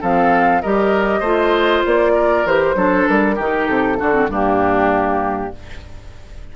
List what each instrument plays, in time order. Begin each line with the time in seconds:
0.00 bassoon F3, clarinet C4, oboe A4, flute F5
0.61 bassoon G3, clarinet G4, oboe A#4, flute D#5
1.19 bassoon A3, clarinet F4, oboe C5
1.85 bassoon A#3, flute D5
2.14 oboe A#4
2.45 bassoon E3, clarinet G4, flute C5
2.74 bassoon F#3, clarinet D4, oboe A4
3.07 bassoon G3, flute A#4
3.35 bassoon D#3, clarinet D#4, oboe G4
3.67 bassoon C3, flute A4
3.98 bassoon D3, clarinet D4, oboe F#4
4.12 clarinet C4
4.27 bassoon G2, clarinet A#3, oboe D4, flute G4